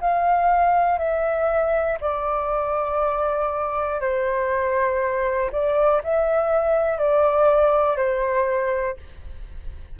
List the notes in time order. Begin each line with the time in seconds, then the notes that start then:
0.00 F5
0.98 E5
2.00 D5
4.00 C5
5.51 D5
6.03 E5
6.98 D5
7.96 C5